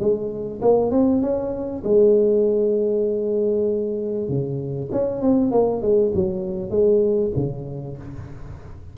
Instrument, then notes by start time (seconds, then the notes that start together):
tuba
0.00 G#3
0.62 A#3
0.91 C4
1.22 C#4
1.84 G#3
4.29 C#3
4.92 C#4
5.22 C4
5.52 A#3
5.82 G#3
6.15 F#3
6.70 G#3
7.37 C#3